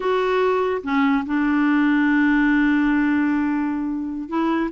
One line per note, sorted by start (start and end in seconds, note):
0.00 0.81 F#4
0.83 1.24 C#4
1.26 4.29 D4
4.29 4.70 E4